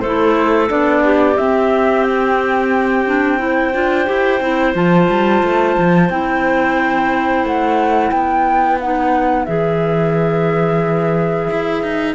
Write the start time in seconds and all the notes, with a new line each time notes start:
0.00 A3 E4 A4 C5
0.68 B3 D4 D5
1.04 G4
1.37 C4 E5
2.03 G5
3.05 D4
3.38 E4 C5
3.73 D4 F4
4.05 E4 G4
4.40 C4 E4
4.74 F3 F4 A5
5.09 G3
5.43 A3
5.78 F3
6.09 C4 E4 G5
7.44 A3 F#5
8.11 B3 B4 G5
8.80 D#4 F#5
9.45 E3 G#4 E5
11.50 E4
11.83 D#4